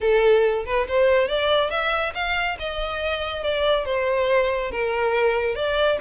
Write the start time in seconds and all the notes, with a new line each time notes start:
0.00 A4
0.65 B4
0.88 C5
1.28 D5
1.70 E5
2.14 F5
2.59 D#5
3.43 D5
3.85 C5
4.71 A#4
5.55 D5